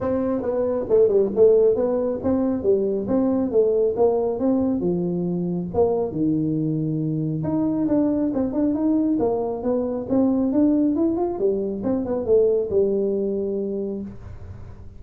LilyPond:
\new Staff \with { instrumentName = "tuba" } { \time 4/4 \tempo 4 = 137 c'4 b4 a8 g8 a4 | b4 c'4 g4 c'4 | a4 ais4 c'4 f4~ | f4 ais4 dis2~ |
dis4 dis'4 d'4 c'8 d'8 | dis'4 ais4 b4 c'4 | d'4 e'8 f'8 g4 c'8 b8 | a4 g2. | }